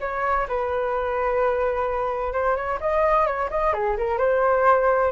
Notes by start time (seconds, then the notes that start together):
0.00 C#5
0.48 B4
2.33 C5
2.55 C#5
2.80 D#5
3.26 C#5
3.50 D#5
3.73 G#4
3.97 A#4
4.18 C5